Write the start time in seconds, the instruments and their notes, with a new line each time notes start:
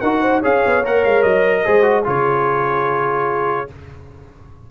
0.00 tuba D#4, trombone F#4, horn A#4, trumpet F#5
0.21 horn C5
0.40 tuba C#4, trombone G#4, horn C#5, trumpet F5
0.65 tuba B3
0.83 tuba A#3, trombone A#4, trumpet F#5
1.04 tuba G#3, trumpet F5
1.23 tuba F#3, trumpet D#5
1.64 tuba G#3, trombone G#4, horn C5
1.83 trombone F#4
2.04 tuba C#3, trombone F4, horn G#4, trumpet C#5